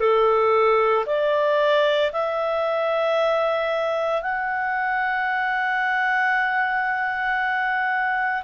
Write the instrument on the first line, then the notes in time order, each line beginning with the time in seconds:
clarinet
0.00 A4
1.06 D5
2.12 E5
4.22 F#5